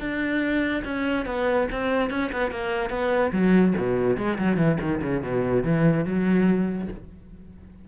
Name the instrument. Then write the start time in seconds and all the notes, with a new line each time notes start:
cello
0.00 D4
0.84 C#4
1.26 B3
1.72 C4
2.10 C#4
2.32 B3
2.51 A#3
2.90 B3
3.32 F#3
3.77 B2
4.17 G#3
4.38 F#3
4.57 E3
4.80 D#3
5.02 C#3
5.23 B2
5.63 E3
6.05 F#3